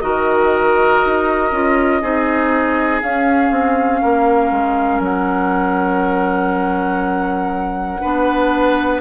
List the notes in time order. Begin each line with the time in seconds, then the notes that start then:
0.00 D#3 F#4 A#4 D#5
1.05 D#4
1.52 C#4 F4
2.01 C4 D#4 G#4
3.02 C#4 F5
3.51 C4
4.01 A#3 A#4
4.51 G#3
5.00 F#3 F#5
8.01 B3 D4 B4